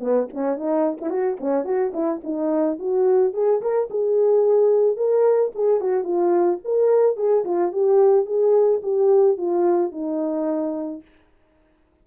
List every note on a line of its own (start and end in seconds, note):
0.00 0.28 B3
0.34 0.57 C#4
0.57 0.98 D#4
1.01 1.10 E4
1.10 1.38 F#4
1.41 1.65 C#4
1.65 1.92 F#4
1.94 2.21 E4
2.24 2.79 D#4
2.79 3.34 F#4
3.34 3.61 G#4
3.62 3.89 A#4
3.90 4.97 G#4
4.97 5.52 A#4
5.55 5.81 G#4
5.81 6.04 F#4
6.04 6.59 F4
6.65 7.17 A#4
7.17 7.45 G#4
7.45 7.73 F4
7.73 8.26 G4
8.26 8.81 G#4
8.83 9.38 G4
9.38 9.92 F4
9.92 11.02 D#4